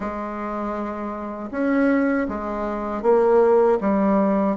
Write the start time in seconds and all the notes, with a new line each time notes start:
0.00 G#3
1.51 C#4
2.28 G#3
3.02 A#3
3.80 G3